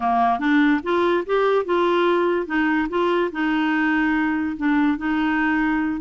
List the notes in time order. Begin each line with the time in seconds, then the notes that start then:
0.00 A#3
0.39 D4
0.83 F4
1.25 G4
1.65 F4
2.46 D#4
2.89 F4
3.32 D#4
4.56 D4
4.97 D#4